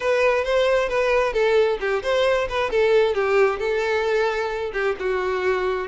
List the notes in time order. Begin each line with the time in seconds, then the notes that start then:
0.00 B4
0.44 C5
0.88 B4
1.33 A4
1.80 G4
2.02 C5
2.48 B4
2.70 A4
3.14 G4
3.59 A4
4.73 G4
4.99 F#4